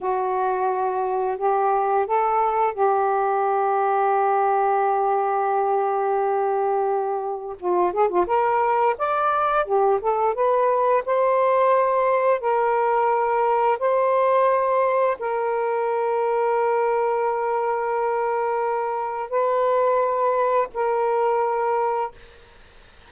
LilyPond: \new Staff \with { instrumentName = "saxophone" } { \time 4/4 \tempo 4 = 87 fis'2 g'4 a'4 | g'1~ | g'2. f'8 gis'16 f'16 | ais'4 d''4 g'8 a'8 b'4 |
c''2 ais'2 | c''2 ais'2~ | ais'1 | b'2 ais'2 | }